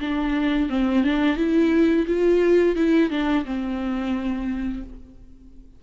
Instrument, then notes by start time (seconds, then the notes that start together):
viola
0.00 D4
0.69 C4
1.04 D4
1.37 E4
2.07 F4
2.76 E4
3.10 D4
3.45 C4